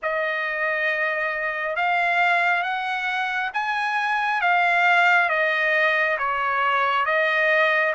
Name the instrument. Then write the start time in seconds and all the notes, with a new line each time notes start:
trumpet
0.02 D#5
1.76 F5
2.62 F#5
3.53 G#5
4.41 F5
5.29 D#5
6.18 C#5
7.05 D#5